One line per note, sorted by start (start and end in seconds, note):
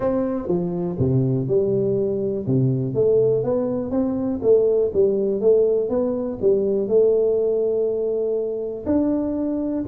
0.00 0.47 C4
0.47 0.97 F3
0.98 1.47 C3
1.47 2.46 G3
2.46 2.94 C3
2.94 3.43 A3
3.43 3.91 B3
3.91 4.40 C4
4.42 4.91 A3
4.93 5.40 G3
5.40 5.89 A3
5.89 6.38 B3
6.41 6.87 G3
6.87 8.84 A3
8.85 9.84 D4